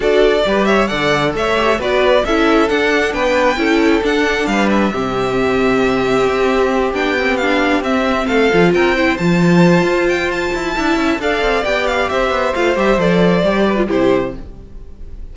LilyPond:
<<
  \new Staff \with { instrumentName = "violin" } { \time 4/4 \tempo 4 = 134 d''4. e''8 fis''4 e''4 | d''4 e''4 fis''4 g''4~ | g''4 fis''4 f''8 e''4.~ | e''2.~ e''8 g''8~ |
g''8 f''4 e''4 f''4 g''8~ | g''8 a''2 g''8 a''4~ | a''4 f''4 g''8 f''8 e''4 | f''8 e''8 d''2 c''4 | }
  \new Staff \with { instrumentName = "violin" } { \time 4/4 a'4 b'8 cis''8 d''4 cis''4 | b'4 a'2 b'4 | a'2 b'4 g'4~ | g'1~ |
g'2~ g'8 a'4 ais'8 | c''1 | e''4 d''2 c''4~ | c''2~ c''8 b'8 g'4 | }
  \new Staff \with { instrumentName = "viola" } { \time 4/4 fis'4 g'4 a'4. g'8 | fis'4 e'4 d'2 | e'4 d'2 c'4~ | c'2.~ c'8 d'8 |
c'8 d'4 c'4. f'4 | e'8 f'2.~ f'8 | e'4 a'4 g'2 | f'8 g'8 a'4 g'8. f'16 e'4 | }
  \new Staff \with { instrumentName = "cello" } { \time 4/4 d'4 g4 d4 a4 | b4 cis'4 d'4 b4 | cis'4 d'4 g4 c4~ | c2 c'4. b8~ |
b4. c'4 a8 f8 c'8~ | c'8 f4. f'4. e'8 | d'8 cis'8 d'8 c'8 b4 c'8 b8 | a8 g8 f4 g4 c4 | }
>>